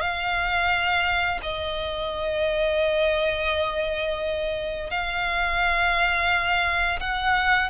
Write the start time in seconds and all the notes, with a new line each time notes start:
0.00 F5
1.42 D#5
4.90 F5
7.00 F#5